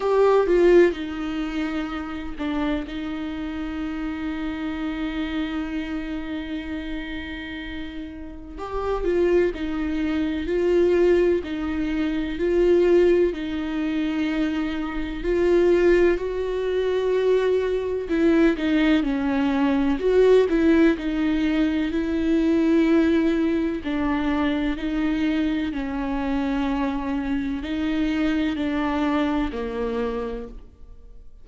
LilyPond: \new Staff \with { instrumentName = "viola" } { \time 4/4 \tempo 4 = 63 g'8 f'8 dis'4. d'8 dis'4~ | dis'1~ | dis'4 g'8 f'8 dis'4 f'4 | dis'4 f'4 dis'2 |
f'4 fis'2 e'8 dis'8 | cis'4 fis'8 e'8 dis'4 e'4~ | e'4 d'4 dis'4 cis'4~ | cis'4 dis'4 d'4 ais4 | }